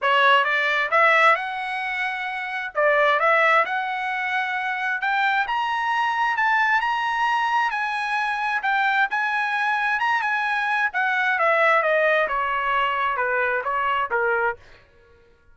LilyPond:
\new Staff \with { instrumentName = "trumpet" } { \time 4/4 \tempo 4 = 132 cis''4 d''4 e''4 fis''4~ | fis''2 d''4 e''4 | fis''2. g''4 | ais''2 a''4 ais''4~ |
ais''4 gis''2 g''4 | gis''2 ais''8 gis''4. | fis''4 e''4 dis''4 cis''4~ | cis''4 b'4 cis''4 ais'4 | }